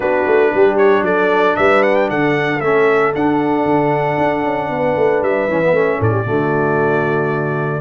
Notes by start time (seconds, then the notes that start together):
0.00 B3 D4 F#4 B4
0.26 A3
0.53 G3 G4
0.77 C#5
1.02 F#3 A4 D5
1.56 G3 B4 E5
1.82 F#5
1.95 G5
2.09 D3 A4 F#5
2.60 A3 C#4 E5
3.14 D4 F#5
3.64 D3
4.17 D4
4.43 C#4
4.69 B3 B4
4.96 A3
5.22 G3 E5
5.48 E3 C#4
5.62 B3
5.72 A3 C#4
5.99 A2 A4 D5
6.11 G4
6.24 D3 A3 F#4